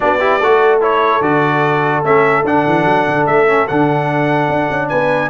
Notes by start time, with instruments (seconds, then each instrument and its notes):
0.00 tuba B3, trombone D4, horn F#4, trumpet D5
0.19 trombone E4, horn G4
0.39 tuba A3, trombone F#4, horn A4
0.80 trombone E4, trumpet C#5
1.21 tuba D3, trombone F#4, trumpet D5
2.03 tuba A3, trombone C#4, trumpet E5
2.44 tuba D3, trombone D4, trumpet F#5
2.67 tuba E3
2.84 tuba F#3
3.07 tuba D3
3.26 tuba A3, trumpet E5
3.47 trombone C#4
3.67 tuba D3, trombone D4, trumpet F#5
4.47 tuba D4
4.70 tuba C#4
4.88 tuba B3, horn B4, trumpet G#5